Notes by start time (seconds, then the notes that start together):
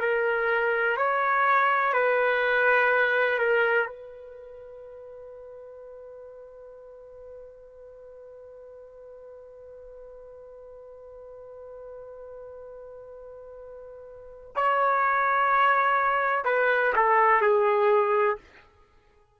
0.00 A#4
0.97 C#5
1.93 B4
3.39 A#4
3.87 B4
14.56 C#5
16.45 B4
16.95 A4
17.41 G#4